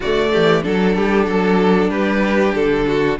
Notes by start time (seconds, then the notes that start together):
0.00 D3 A3 F#4 D5
0.32 E3 G4
0.62 F#3 D4 A4
0.96 G3 G4
1.26 F#3 A4
1.89 G3 G4 B4
2.54 D3 A4
2.86 F#4